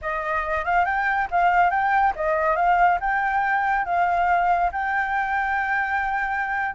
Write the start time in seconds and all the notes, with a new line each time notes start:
0.01 D#5
0.64 F5
0.85 G5
1.31 F5
1.70 G5
2.15 D#5
2.56 F5
3.00 G5
3.85 F5
4.71 G5